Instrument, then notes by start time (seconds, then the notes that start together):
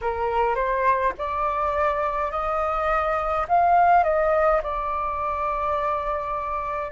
flute
0.01 A#4
0.55 C5
1.17 D5
2.31 D#5
3.48 F5
4.03 D#5
4.63 D5